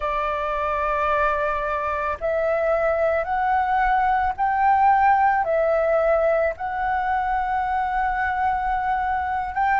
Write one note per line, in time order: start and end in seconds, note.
0.00 2.17 D5
2.20 3.23 E5
3.23 4.32 F#5
4.36 5.44 G5
5.44 6.53 E5
6.57 9.54 F#5
9.54 9.80 G5